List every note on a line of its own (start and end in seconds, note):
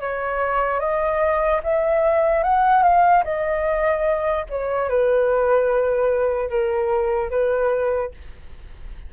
0.00 0.80 C#5
0.80 1.61 D#5
1.63 2.44 E5
2.44 2.83 F#5
2.83 3.24 F5
3.24 4.46 D#5
4.49 4.89 C#5
4.89 6.50 B4
6.50 7.30 A#4
7.30 8.12 B4